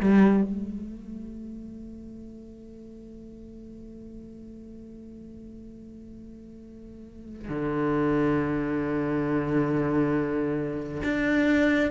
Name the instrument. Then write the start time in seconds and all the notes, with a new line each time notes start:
cello
0.00 G3
0.43 A3
7.49 D3
11.03 D4